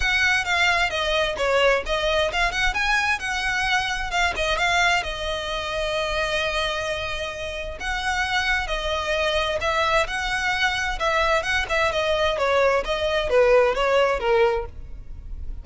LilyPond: \new Staff \with { instrumentName = "violin" } { \time 4/4 \tempo 4 = 131 fis''4 f''4 dis''4 cis''4 | dis''4 f''8 fis''8 gis''4 fis''4~ | fis''4 f''8 dis''8 f''4 dis''4~ | dis''1~ |
dis''4 fis''2 dis''4~ | dis''4 e''4 fis''2 | e''4 fis''8 e''8 dis''4 cis''4 | dis''4 b'4 cis''4 ais'4 | }